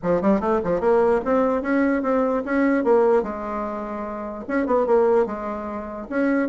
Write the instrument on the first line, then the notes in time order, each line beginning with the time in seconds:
bassoon
0.02 F3
0.21 G3
0.40 A3
0.64 F3
0.80 A#3
1.24 C4
1.62 C#4
2.02 C4
2.45 C#4
2.84 A#3
3.22 G#3
4.47 C#4
4.66 B3
4.86 A#3
5.26 G#3
6.09 C#4